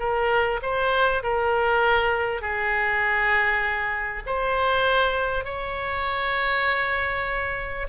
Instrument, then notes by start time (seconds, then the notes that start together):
oboe
0.00 A#4
0.63 C5
1.23 A#4
2.42 G#4
4.27 C5
5.45 C#5